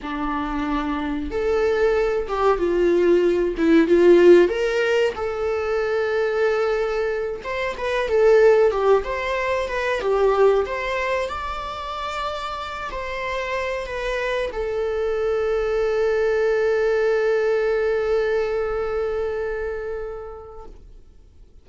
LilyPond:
\new Staff \with { instrumentName = "viola" } { \time 4/4 \tempo 4 = 93 d'2 a'4. g'8 | f'4. e'8 f'4 ais'4 | a'2.~ a'8 c''8 | b'8 a'4 g'8 c''4 b'8 g'8~ |
g'8 c''4 d''2~ d''8 | c''4. b'4 a'4.~ | a'1~ | a'1 | }